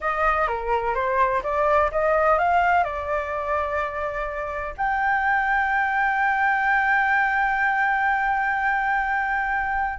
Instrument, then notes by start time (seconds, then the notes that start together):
flute
0.01 D#5
0.47 A#4
0.94 C5
1.43 D5
1.91 D#5
2.38 F5
2.84 D5
4.77 G5